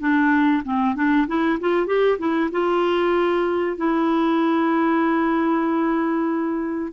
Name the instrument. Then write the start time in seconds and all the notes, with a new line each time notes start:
clarinet
0.00 D4
0.65 C4
0.96 D4
1.27 E4
1.60 F4
1.87 G4
2.19 E4
2.51 F4
3.77 E4